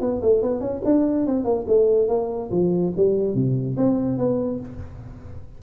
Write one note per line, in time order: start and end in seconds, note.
0.00 0.21 B3
0.22 0.41 A3
0.41 0.60 B3
0.60 0.81 C#4
0.84 1.26 D4
1.26 1.44 C4
1.44 1.65 A#3
1.67 2.08 A3
2.08 2.49 A#3
2.51 2.92 F3
2.96 3.34 G3
3.34 3.76 C3
3.76 4.17 C4
4.17 4.59 B3